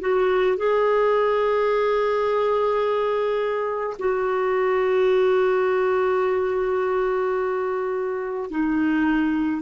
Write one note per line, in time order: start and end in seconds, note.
0.00 0.57 F#4
0.57 3.96 G#4
3.99 8.50 F#4
8.50 9.62 D#4